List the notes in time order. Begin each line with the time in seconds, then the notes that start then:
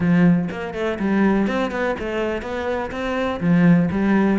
0.00 F3
0.50 A#3
0.74 A3
0.99 G3
1.47 C4
1.71 B3
1.99 A3
2.41 B3
2.91 C4
3.40 F3
3.91 G3